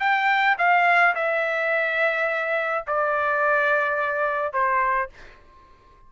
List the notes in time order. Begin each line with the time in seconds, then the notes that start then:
0.00 G5
0.58 F5
1.15 E5
2.87 D5
4.53 C5